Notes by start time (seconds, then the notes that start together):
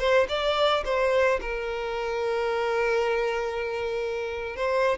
0.00 C5
0.29 D5
0.85 C5
1.42 A#4
4.57 C5